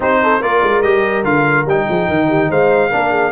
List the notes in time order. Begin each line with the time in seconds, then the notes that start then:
0.00 C4 D#4 G4 C5
0.22 A4
0.40 A#3 F4 A#4 D5
0.62 G#3
0.82 G3 G4 D#5
1.24 D3 F4 F5
1.65 G3 D#4 G5
1.89 F3 G#4
2.07 D#3 A#4
2.28 G4
2.49 G#3 C5 F5
2.90 A#3 D4 A#4
3.10 G#4